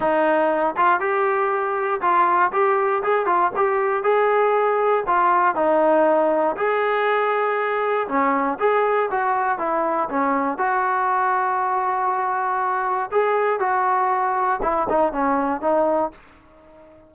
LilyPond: \new Staff \with { instrumentName = "trombone" } { \time 4/4 \tempo 4 = 119 dis'4. f'8 g'2 | f'4 g'4 gis'8 f'8 g'4 | gis'2 f'4 dis'4~ | dis'4 gis'2. |
cis'4 gis'4 fis'4 e'4 | cis'4 fis'2.~ | fis'2 gis'4 fis'4~ | fis'4 e'8 dis'8 cis'4 dis'4 | }